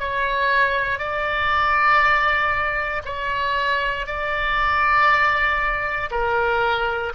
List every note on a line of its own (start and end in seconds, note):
0.00 0.99 C#5
0.99 3.02 D5
3.06 4.07 C#5
4.07 6.10 D5
6.11 7.13 A#4